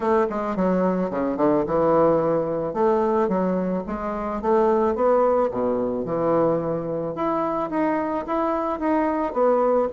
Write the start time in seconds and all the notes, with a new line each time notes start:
0.00 A3
0.29 G#3
0.56 F#3
1.10 C#3
1.37 D3
1.66 E3
2.73 A3
3.28 F#3
3.86 G#3
4.41 A3
4.95 B3
5.50 B2
6.05 E3
7.15 E4
7.70 D#4
8.26 E4
8.79 D#4
9.33 B3